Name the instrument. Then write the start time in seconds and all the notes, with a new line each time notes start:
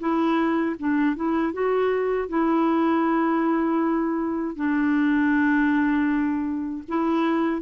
clarinet
0.00 E4
0.79 D4
1.16 E4
1.53 F#4
2.29 E4
4.56 D4
6.89 E4